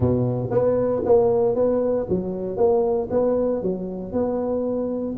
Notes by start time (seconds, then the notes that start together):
0.00 B2
0.50 B3
1.05 A#3
1.55 B3
2.09 F#3
2.56 A#3
3.10 B3
3.62 F#3
4.12 B3